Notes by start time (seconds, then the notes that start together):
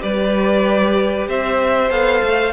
0.00 G3 G4 B4 D5
1.27 C4 C5 E5
1.89 B3 A4 F5
2.22 A3